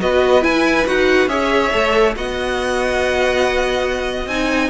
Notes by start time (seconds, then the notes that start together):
0.00 B3 F#4 B4 D#5
0.42 E4 G#5
0.87 D#4 F#4 F#5
1.28 C#4 G#4 C#5 E5
1.72 A3 A4
2.16 B3 F#4 D#5 F#5
4.27 C4 D#4 G#5